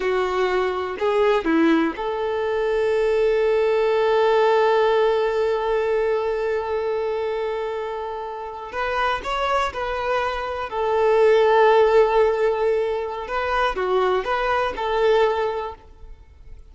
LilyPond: \new Staff \with { instrumentName = "violin" } { \time 4/4 \tempo 4 = 122 fis'2 gis'4 e'4 | a'1~ | a'1~ | a'1~ |
a'4.~ a'16 b'4 cis''4 b'16~ | b'4.~ b'16 a'2~ a'16~ | a'2. b'4 | fis'4 b'4 a'2 | }